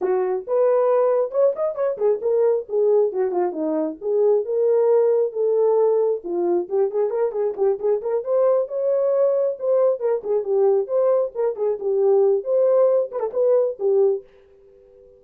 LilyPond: \new Staff \with { instrumentName = "horn" } { \time 4/4 \tempo 4 = 135 fis'4 b'2 cis''8 dis''8 | cis''8 gis'8 ais'4 gis'4 fis'8 f'8 | dis'4 gis'4 ais'2 | a'2 f'4 g'8 gis'8 |
ais'8 gis'8 g'8 gis'8 ais'8 c''4 cis''8~ | cis''4. c''4 ais'8 gis'8 g'8~ | g'8 c''4 ais'8 gis'8 g'4. | c''4. b'16 a'16 b'4 g'4 | }